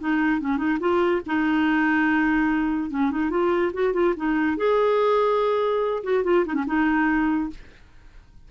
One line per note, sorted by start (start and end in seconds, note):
0.00 0.41 D#4
0.41 0.58 C#4
0.58 0.79 D#4
0.80 1.22 F4
1.27 2.90 D#4
2.90 3.11 C#4
3.11 3.31 D#4
3.31 3.72 F4
3.74 3.94 F#4
3.94 4.15 F4
4.17 4.57 D#4
4.57 6.03 G#4
6.04 6.24 F#4
6.24 6.45 F4
6.46 6.55 D#4
6.55 6.65 C#4
6.67 7.50 D#4